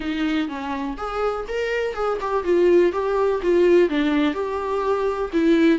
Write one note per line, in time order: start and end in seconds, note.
0.00 0.48 D#4
0.48 0.96 C#4
0.97 1.45 G#4
1.48 1.94 A#4
1.94 2.18 G#4
2.20 2.44 G4
2.44 2.92 F4
2.92 3.40 G4
3.42 3.89 F4
3.89 4.34 D4
4.34 5.30 G4
5.32 5.78 E4